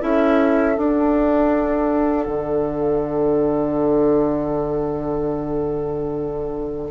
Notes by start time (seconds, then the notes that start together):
0.00 C#4 E4 A4 E5
0.76 D4 F#5
2.28 D3